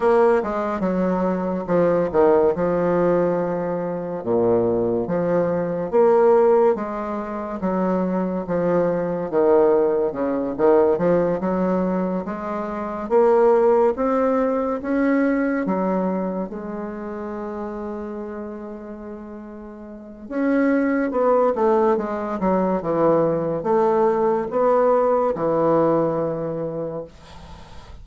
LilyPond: \new Staff \with { instrumentName = "bassoon" } { \time 4/4 \tempo 4 = 71 ais8 gis8 fis4 f8 dis8 f4~ | f4 ais,4 f4 ais4 | gis4 fis4 f4 dis4 | cis8 dis8 f8 fis4 gis4 ais8~ |
ais8 c'4 cis'4 fis4 gis8~ | gis1 | cis'4 b8 a8 gis8 fis8 e4 | a4 b4 e2 | }